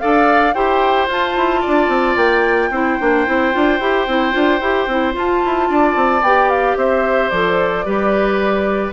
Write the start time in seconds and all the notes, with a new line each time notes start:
0.00 D4 A4 D5 F5
0.53 E4 G4 C5 G5
1.07 F4 A5
1.36 E4
1.61 D4 D5
1.88 C4
2.16 A#3 G5
2.70 C4 E4 C5
2.99 A#3 D4
3.26 C4 E4
3.52 D4 F4
3.80 E4 G4
4.07 C4 E4
4.32 D4 F4
4.60 E4 G4
4.87 C4 E4
5.13 F4 A5
5.45 E4
5.69 D4 D5
5.95 C4
6.22 B3 G4 G5
6.49 F5
6.76 C4 C5 E5
7.29 F3 A4 D5
7.85 G3 G4 B4